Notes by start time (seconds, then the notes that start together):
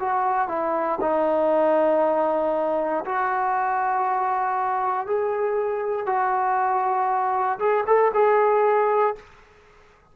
0.00 F#4
0.49 E4
1.01 D#4
3.05 F#4
5.07 G#4
6.06 F#4
7.59 G#4
7.87 A4
8.14 G#4